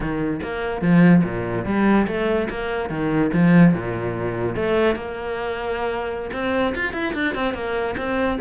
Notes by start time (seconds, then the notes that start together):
0.00 D#3
0.42 A#3
0.81 F3
1.24 A#2
1.65 G3
2.07 A3
2.49 A#3
2.89 D#3
3.33 F3
3.73 A#2
4.55 A3
4.95 A#3
6.32 C4
6.75 F4
6.93 E4
7.14 D4
7.34 C4
7.53 A#3
7.97 C4